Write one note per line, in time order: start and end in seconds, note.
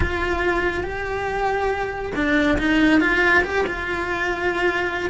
0.00 0.83 F4
0.83 2.12 G4
2.15 2.58 D4
2.58 3.00 D#4
3.00 3.43 F4
3.43 3.65 G4
3.66 5.09 F4